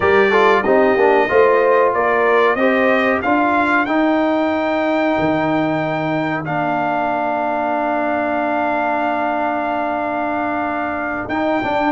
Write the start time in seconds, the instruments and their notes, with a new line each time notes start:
0.00 tuba G3, trombone G4, horn A#4, trumpet D5
0.29 trombone F4, horn A4
0.62 tuba C4, trombone D#4, horn G4, trumpet D#5
0.96 tuba A#3, trombone D4
1.28 tuba A3, trombone F4, horn C5
1.94 tuba A#3, horn A#4, trumpet D5
2.55 tuba C4, trombone G4, horn C5, trumpet D#5
3.21 tuba D4, trombone F4, horn A#4, trumpet F5
3.85 tuba D#4, trombone D#4, trumpet G5
5.19 tuba D#3
6.44 tuba A#3, trombone D4, trumpet F5
11.28 tuba D#4, trombone D#4, trumpet G5
11.62 trombone D4, tuba D4